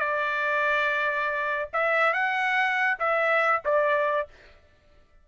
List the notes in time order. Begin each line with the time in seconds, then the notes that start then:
0.00 D5
1.74 E5
2.13 F#5
2.99 E5
3.65 D5